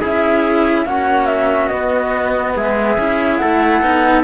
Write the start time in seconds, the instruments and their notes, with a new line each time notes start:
0.00 cello C#4 E4, trumpet G#4, flute E5
0.86 cello A#3 C#4, trumpet F#4, flute F#5
1.26 flute E5
1.68 cello B3, flute D#5
2.55 cello G#3, trumpet G#4, flute E5
2.97 cello C#4 E4
3.37 trumpet A4, flute F#5
3.43 cello A3
3.82 cello B3 D#4